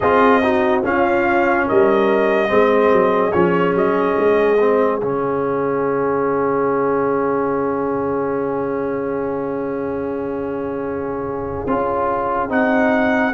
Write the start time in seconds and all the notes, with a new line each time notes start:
0.00 C4 F4 G#4 D#5
0.42 D#4 F#4
0.83 C#4 F4 F5
1.65 G3 A#4 D#5
2.48 G#3 C4 G#4
2.92 F#3
3.32 F3 C#4 C#5
3.74 F#3 D#5
4.18 G#3
4.59 C4
4.99 C#3 C#4 F5
11.66 C#4 F4
12.49 C4 D#4 F#5